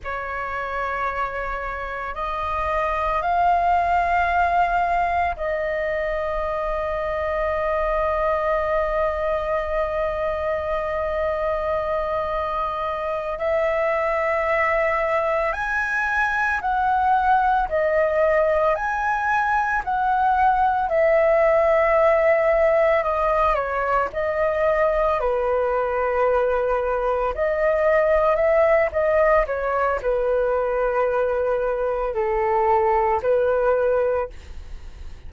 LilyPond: \new Staff \with { instrumentName = "flute" } { \time 4/4 \tempo 4 = 56 cis''2 dis''4 f''4~ | f''4 dis''2.~ | dis''1~ | dis''8 e''2 gis''4 fis''8~ |
fis''8 dis''4 gis''4 fis''4 e''8~ | e''4. dis''8 cis''8 dis''4 b'8~ | b'4. dis''4 e''8 dis''8 cis''8 | b'2 a'4 b'4 | }